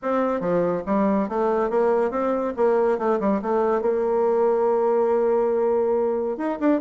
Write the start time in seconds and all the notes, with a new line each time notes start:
0.02 C4
0.40 F3
0.86 G3
1.28 A3
1.69 A#3
2.10 C4
2.56 A#3
2.98 A3
3.20 G3
3.42 A3
3.81 A#3
6.37 D#4
6.59 D4